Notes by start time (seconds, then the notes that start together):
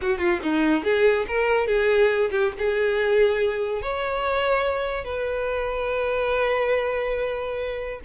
0.01 F#4
0.18 F4
0.42 D#4
0.84 G#4
1.27 A#4
1.67 G#4
2.31 G4
2.58 G#4
3.82 C#5
5.04 B4